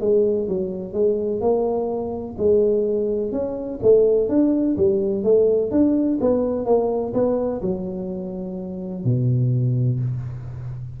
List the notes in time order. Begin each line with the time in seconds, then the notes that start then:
0.00 G#3
0.48 F#3
0.93 G#3
1.40 A#3
2.38 G#3
3.32 C#4
3.82 A3
4.28 D4
4.77 G3
5.23 A3
5.71 D4
6.20 B3
6.65 A#3
7.13 B3
7.61 F#3
9.04 B2